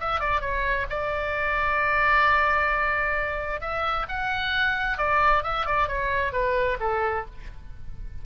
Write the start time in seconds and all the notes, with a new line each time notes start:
0.00 E5
0.20 D5
0.41 C#5
0.90 D5
3.61 E5
4.08 F#5
4.98 D5
5.43 E5
5.66 D5
5.88 C#5
6.32 B4
6.80 A4